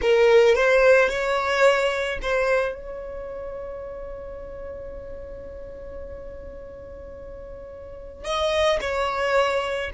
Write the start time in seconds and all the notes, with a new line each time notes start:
0.01 A#4
0.55 C5
1.09 C#5
2.21 C5
2.74 C#5
8.24 D#5
8.80 C#5